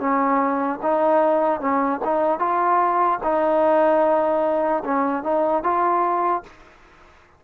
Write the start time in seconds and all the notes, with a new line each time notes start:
0.00 C#4
0.83 D#4
1.61 C#4
2.04 D#4
2.40 F4
3.23 D#4
4.84 C#4
5.23 D#4
5.63 F4